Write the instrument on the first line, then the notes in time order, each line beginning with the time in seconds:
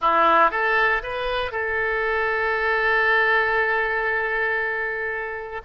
oboe
0.01 E4
0.51 A4
1.03 B4
1.51 A4